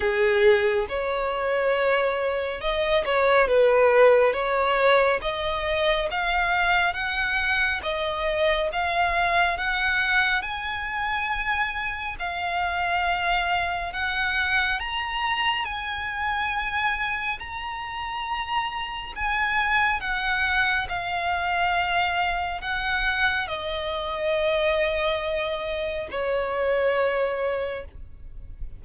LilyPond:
\new Staff \with { instrumentName = "violin" } { \time 4/4 \tempo 4 = 69 gis'4 cis''2 dis''8 cis''8 | b'4 cis''4 dis''4 f''4 | fis''4 dis''4 f''4 fis''4 | gis''2 f''2 |
fis''4 ais''4 gis''2 | ais''2 gis''4 fis''4 | f''2 fis''4 dis''4~ | dis''2 cis''2 | }